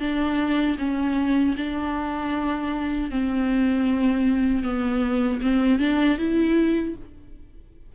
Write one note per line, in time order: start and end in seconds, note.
0.00 0.77 D4
0.79 1.56 C#4
1.57 3.10 D4
3.10 4.63 C4
4.63 5.40 B3
5.41 5.79 C4
5.79 6.18 D4
6.18 6.95 E4